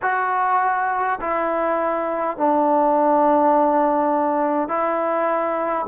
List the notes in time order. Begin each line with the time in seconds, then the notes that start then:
0.02 F#4
1.20 E4
2.37 D4
4.68 E4